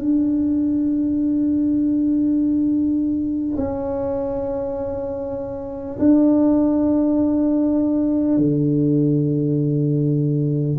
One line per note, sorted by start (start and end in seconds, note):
0.00 3.57 D4
3.57 5.97 C#4
5.99 8.38 D4
8.38 10.78 D3